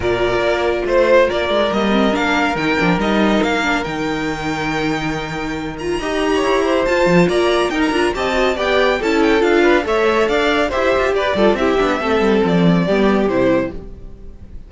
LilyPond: <<
  \new Staff \with { instrumentName = "violin" } { \time 4/4 \tempo 4 = 140 d''2 c''4 d''4 | dis''4 f''4 g''4 dis''4 | f''4 g''2.~ | g''4. ais''2~ ais''8 |
a''4 ais''4 g''16 ais''8. a''4 | g''4 a''8 g''8 f''4 e''4 | f''4 e''4 d''4 e''4~ | e''4 d''2 c''4 | }
  \new Staff \with { instrumentName = "violin" } { \time 4/4 ais'2 c''4 ais'4~ | ais'1~ | ais'1~ | ais'2 dis''8. cis''8. c''8~ |
c''4 d''4 ais'4 dis''4 | d''4 a'4. b'8 cis''4 | d''4 c''4 b'8 a'8 g'4 | a'2 g'2 | }
  \new Staff \with { instrumentName = "viola" } { \time 4/4 f'1 | ais8 c'8 d'4 dis'8 d'8 dis'4~ | dis'8 d'8 dis'2.~ | dis'4. f'8 g'2 |
f'2 dis'8 f'8 g'8 fis'8 | g'4 e'4 f'4 a'4~ | a'4 g'4. f'8 e'8 d'8 | c'2 b4 e'4 | }
  \new Staff \with { instrumentName = "cello" } { \time 4/4 ais,4 ais4 a4 ais8 gis8 | g4 ais4 dis8 f8 g4 | ais4 dis2.~ | dis2 dis'4 e'4 |
f'8 f8 ais4 dis'8 d'8 c'4 | b4 cis'4 d'4 a4 | d'4 e'8 f'8 g'8 g8 c'8 b8 | a8 g8 f4 g4 c4 | }
>>